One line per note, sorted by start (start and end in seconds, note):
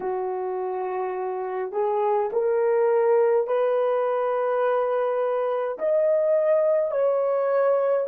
0.00 1.72 F#4
1.72 2.29 G#4
2.32 3.47 A#4
3.47 5.77 B4
5.78 6.91 D#5
6.91 8.06 C#5